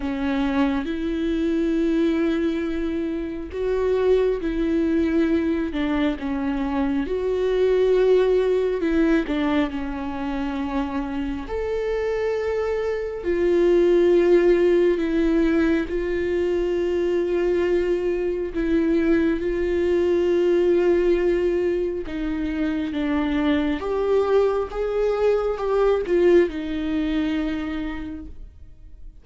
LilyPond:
\new Staff \with { instrumentName = "viola" } { \time 4/4 \tempo 4 = 68 cis'4 e'2. | fis'4 e'4. d'8 cis'4 | fis'2 e'8 d'8 cis'4~ | cis'4 a'2 f'4~ |
f'4 e'4 f'2~ | f'4 e'4 f'2~ | f'4 dis'4 d'4 g'4 | gis'4 g'8 f'8 dis'2 | }